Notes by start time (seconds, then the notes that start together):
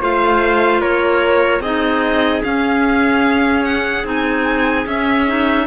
0.00 A3 F4 C5 F5
0.80 A#3 A#4 C#5
1.60 C4 D#4 G#4 D#5
2.43 C#4 F5
3.64 F#5
4.04 C4 D#4 G#5
4.86 C#4 E5
5.27 D#4